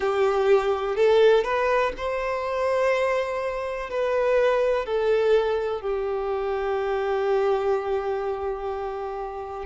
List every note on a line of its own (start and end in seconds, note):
0.00 0.95 G4
0.95 1.43 A4
1.43 1.92 B4
1.97 3.89 C5
3.89 4.85 B4
4.85 5.81 A4
5.81 9.65 G4